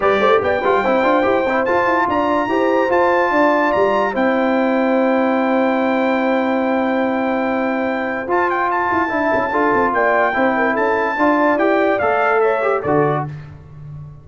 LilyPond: <<
  \new Staff \with { instrumentName = "trumpet" } { \time 4/4 \tempo 4 = 145 d''4 g''2. | a''4 ais''2 a''4~ | a''4 ais''4 g''2~ | g''1~ |
g''1 | a''8 g''8 a''2. | g''2 a''2 | g''4 f''4 e''4 d''4 | }
  \new Staff \with { instrumentName = "horn" } { \time 4/4 b'8 c''8 d''8 b'8 c''2~ | c''4 d''4 c''2 | d''2 c''2~ | c''1~ |
c''1~ | c''2 e''4 a'4 | d''4 c''8 ais'8 a'4 d''4~ | d''2 cis''4 a'4 | }
  \new Staff \with { instrumentName = "trombone" } { \time 4/4 g'4. f'8 e'8 f'8 g'8 e'8 | f'2 g'4 f'4~ | f'2 e'2~ | e'1~ |
e'1 | f'2 e'4 f'4~ | f'4 e'2 f'4 | g'4 a'4. g'8 fis'4 | }
  \new Staff \with { instrumentName = "tuba" } { \time 4/4 g8 a8 b8 g8 c'8 d'8 e'8 c'8 | f'8 e'8 d'4 e'4 f'4 | d'4 g4 c'2~ | c'1~ |
c'1 | f'4. e'8 d'8 cis'8 d'8 c'8 | ais4 c'4 cis'4 d'4 | e'4 a2 d4 | }
>>